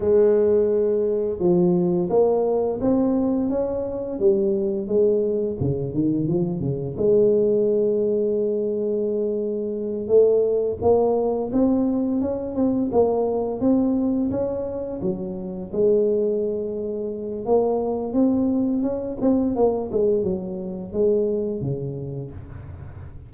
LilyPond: \new Staff \with { instrumentName = "tuba" } { \time 4/4 \tempo 4 = 86 gis2 f4 ais4 | c'4 cis'4 g4 gis4 | cis8 dis8 f8 cis8 gis2~ | gis2~ gis8 a4 ais8~ |
ais8 c'4 cis'8 c'8 ais4 c'8~ | c'8 cis'4 fis4 gis4.~ | gis4 ais4 c'4 cis'8 c'8 | ais8 gis8 fis4 gis4 cis4 | }